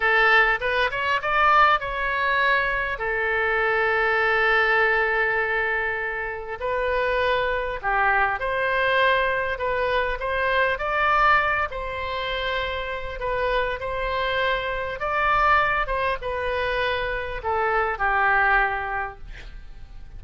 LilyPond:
\new Staff \with { instrumentName = "oboe" } { \time 4/4 \tempo 4 = 100 a'4 b'8 cis''8 d''4 cis''4~ | cis''4 a'2.~ | a'2. b'4~ | b'4 g'4 c''2 |
b'4 c''4 d''4. c''8~ | c''2 b'4 c''4~ | c''4 d''4. c''8 b'4~ | b'4 a'4 g'2 | }